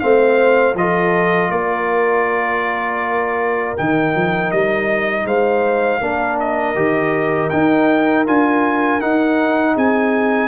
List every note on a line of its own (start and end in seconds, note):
0.00 0.75 A3
0.00 0.76 C4
0.00 0.76 C5
0.00 0.75 F5
0.75 1.49 F3
0.75 3.77 F4
0.75 1.51 A4
0.75 1.51 D#5
1.49 3.74 A#3
1.49 5.26 A#4
1.49 3.76 D5
3.77 4.15 D#3
3.77 6.01 D#4
3.77 4.51 G5
4.15 4.52 F3
4.51 5.25 G3
4.51 5.26 D#5
5.25 6.00 G#3
5.25 6.01 C5
5.25 6.39 F5
6.00 6.75 A#3
6.00 6.75 D4
6.00 9.75 A#4
6.40 7.49 D#5
6.75 7.51 D#3
6.75 7.50 G4
7.49 8.26 D#4
7.49 8.27 D#4
7.49 8.24 G5
8.26 9.01 D4
8.26 9.00 F4
8.26 9.01 G#5
9.00 10.48 D#4
9.00 9.76 D#4
9.00 9.76 F#5
9.75 10.48 C4
9.75 10.48 G#4
9.75 10.48 G#5